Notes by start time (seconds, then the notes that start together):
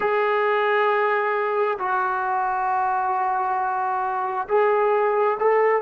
0.00 G#4
1.79 F#4
4.48 G#4
5.39 A4